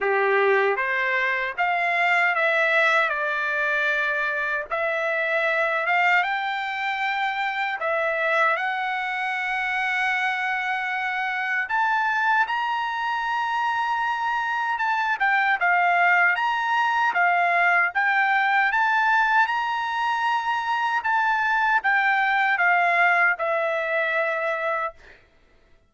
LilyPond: \new Staff \with { instrumentName = "trumpet" } { \time 4/4 \tempo 4 = 77 g'4 c''4 f''4 e''4 | d''2 e''4. f''8 | g''2 e''4 fis''4~ | fis''2. a''4 |
ais''2. a''8 g''8 | f''4 ais''4 f''4 g''4 | a''4 ais''2 a''4 | g''4 f''4 e''2 | }